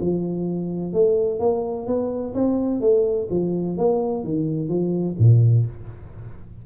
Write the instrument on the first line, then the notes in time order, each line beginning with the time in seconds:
tuba
0.00 F3
0.93 A3
1.40 A#3
1.87 B3
2.34 C4
2.81 A3
3.30 F3
3.77 A#3
4.24 D#3
4.69 F3
5.19 A#2